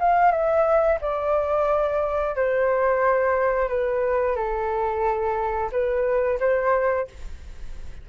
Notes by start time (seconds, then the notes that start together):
0.00 F5
0.32 E5
1.01 D5
2.36 C5
3.69 B4
4.36 A4
5.72 B4
6.40 C5